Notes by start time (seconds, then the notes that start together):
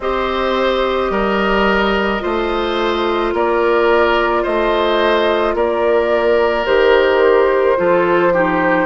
0.00 C4 G4 C5 D#5
1.09 G3 A#4
2.19 A3 F4 C5
3.33 A#3 A#4 D5
4.42 A3 C5 D#5
5.54 A#3 A#4 D5
6.66 D#3 G4 C5
7.76 F3 F4 A4
8.33 D#4 G4